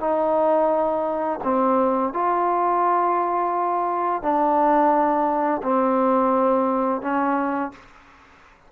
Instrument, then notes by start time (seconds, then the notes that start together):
trombone
0.00 D#4
1.44 C4
2.13 F4
4.22 D4
5.63 C4
7.02 C#4